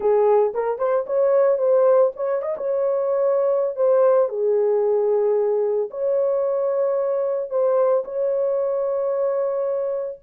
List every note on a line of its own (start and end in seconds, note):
0.00 0.53 G#4
0.54 0.78 A#4
0.78 1.05 C5
1.06 1.58 C#5
1.58 2.11 C5
2.16 2.42 C#5
2.42 2.55 D#5
2.57 3.75 C#5
3.75 4.28 C5
4.28 5.89 G#4
5.90 7.50 C#5
7.50 8.03 C5
8.04 10.18 C#5